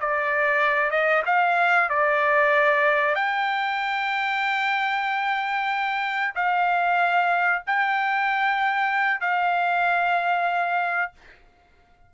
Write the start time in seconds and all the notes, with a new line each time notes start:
0.00 D5
0.91 D#5
1.26 F5
1.89 D5
3.15 G5
6.35 F5
7.66 G5
9.21 F5